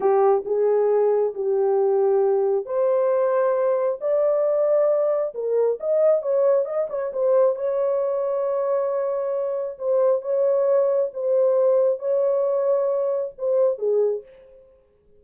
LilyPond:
\new Staff \with { instrumentName = "horn" } { \time 4/4 \tempo 4 = 135 g'4 gis'2 g'4~ | g'2 c''2~ | c''4 d''2. | ais'4 dis''4 cis''4 dis''8 cis''8 |
c''4 cis''2.~ | cis''2 c''4 cis''4~ | cis''4 c''2 cis''4~ | cis''2 c''4 gis'4 | }